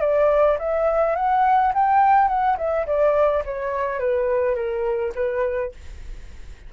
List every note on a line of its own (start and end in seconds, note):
0.00 0.57 D5
0.59 1.15 E5
1.15 1.72 F#5
1.74 2.28 G5
2.28 2.56 F#5
2.57 2.86 E5
2.86 3.43 D5
3.45 3.99 C#5
3.99 4.55 B4
4.55 5.12 A#4
5.15 5.72 B4